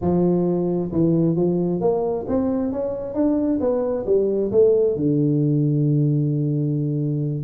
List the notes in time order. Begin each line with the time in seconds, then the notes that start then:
0.01 F3
0.91 E3
1.36 F3
1.80 A#3
2.28 C4
2.72 C#4
3.14 D4
3.60 B3
4.06 G3
4.51 A3
4.96 D3